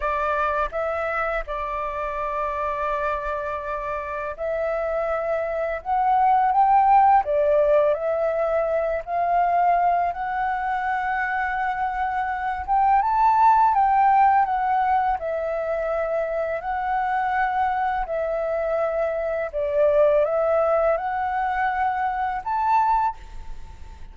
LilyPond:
\new Staff \with { instrumentName = "flute" } { \time 4/4 \tempo 4 = 83 d''4 e''4 d''2~ | d''2 e''2 | fis''4 g''4 d''4 e''4~ | e''8 f''4. fis''2~ |
fis''4. g''8 a''4 g''4 | fis''4 e''2 fis''4~ | fis''4 e''2 d''4 | e''4 fis''2 a''4 | }